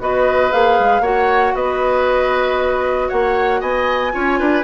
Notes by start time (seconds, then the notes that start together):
0.00 B3 F#4 B4 D#5
0.51 A#3 G#4 F5
0.79 G#3
1.01 A#3 F#4 C#5 F#5
1.55 B3 B4 D#5
3.09 A#3 C#5 F#5
3.60 B3 D#5 G#5
4.12 C#4 F4 C#5
4.39 D4 B4